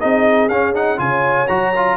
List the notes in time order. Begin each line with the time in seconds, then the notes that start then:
0.00 C4 D#4 G#4 D#5
0.49 C#4 F5
0.74 D#4 F#5
0.97 C#3 F4 C#5 G#5
1.48 F#3 F#4 A#5
1.76 F4